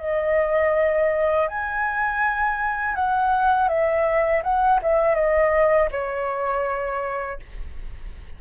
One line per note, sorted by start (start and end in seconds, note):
0.00 1.48 D#5
1.48 2.96 G#5
2.96 3.69 F#5
3.69 4.43 E5
4.43 4.80 F#5
4.83 5.15 E5
5.15 5.89 D#5
5.92 7.40 C#5